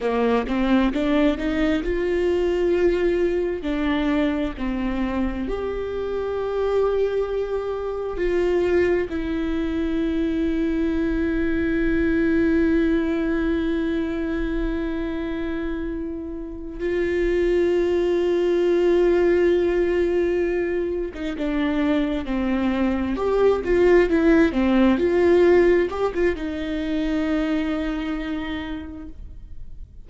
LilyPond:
\new Staff \with { instrumentName = "viola" } { \time 4/4 \tempo 4 = 66 ais8 c'8 d'8 dis'8 f'2 | d'4 c'4 g'2~ | g'4 f'4 e'2~ | e'1~ |
e'2~ e'8 f'4.~ | f'2.~ f'16 dis'16 d'8~ | d'8 c'4 g'8 f'8 e'8 c'8 f'8~ | f'8 g'16 f'16 dis'2. | }